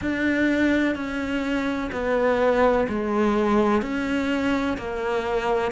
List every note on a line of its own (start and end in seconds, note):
0.01 0.95 D4
0.95 1.90 C#4
1.92 2.87 B3
2.88 3.82 G#3
3.82 4.77 C#4
4.77 5.71 A#3